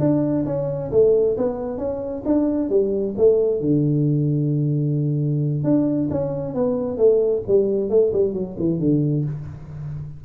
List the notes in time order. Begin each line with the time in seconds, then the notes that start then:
0.00 D4
0.46 C#4
0.92 A3
1.37 B3
1.78 C#4
2.25 D4
2.70 G3
3.17 A3
3.61 D3
5.64 D4
6.11 C#4
6.54 B3
6.98 A3
7.47 G3
7.90 A3
8.13 G3
8.34 F#3
8.59 E3
8.79 D3